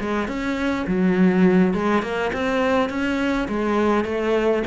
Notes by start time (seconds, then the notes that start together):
0.00 G#3
0.27 C#4
0.87 F#3
1.73 G#3
2.02 A#3
2.32 C4
2.89 C#4
3.48 G#3
4.04 A3